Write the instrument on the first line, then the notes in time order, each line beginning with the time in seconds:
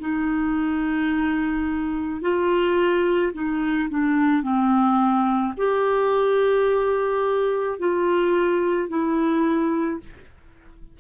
clarinet
0.00 D#4
2.22 F4
3.34 D#4
3.90 D4
4.43 C4
5.58 G4
7.79 F4
8.89 E4